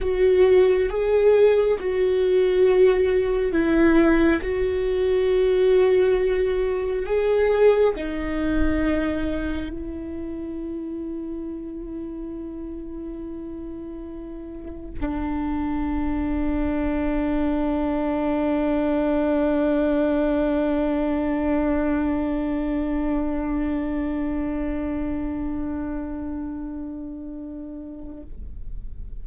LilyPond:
\new Staff \with { instrumentName = "viola" } { \time 4/4 \tempo 4 = 68 fis'4 gis'4 fis'2 | e'4 fis'2. | gis'4 dis'2 e'4~ | e'1~ |
e'4 d'2.~ | d'1~ | d'1~ | d'1 | }